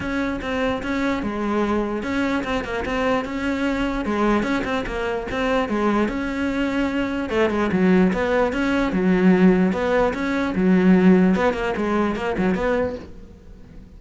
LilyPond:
\new Staff \with { instrumentName = "cello" } { \time 4/4 \tempo 4 = 148 cis'4 c'4 cis'4 gis4~ | gis4 cis'4 c'8 ais8 c'4 | cis'2 gis4 cis'8 c'8 | ais4 c'4 gis4 cis'4~ |
cis'2 a8 gis8 fis4 | b4 cis'4 fis2 | b4 cis'4 fis2 | b8 ais8 gis4 ais8 fis8 b4 | }